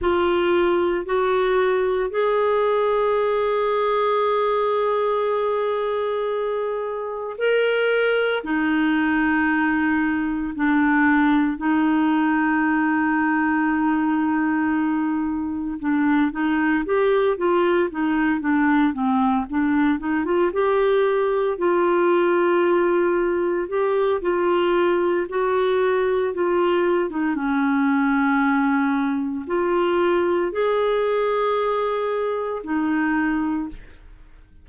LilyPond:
\new Staff \with { instrumentName = "clarinet" } { \time 4/4 \tempo 4 = 57 f'4 fis'4 gis'2~ | gis'2. ais'4 | dis'2 d'4 dis'4~ | dis'2. d'8 dis'8 |
g'8 f'8 dis'8 d'8 c'8 d'8 dis'16 f'16 g'8~ | g'8 f'2 g'8 f'4 | fis'4 f'8. dis'16 cis'2 | f'4 gis'2 dis'4 | }